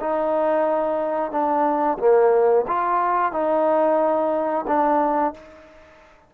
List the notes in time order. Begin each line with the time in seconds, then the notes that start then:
0.00 D#4
1.31 D4
1.98 A#3
2.67 F4
3.32 D#4
4.67 D4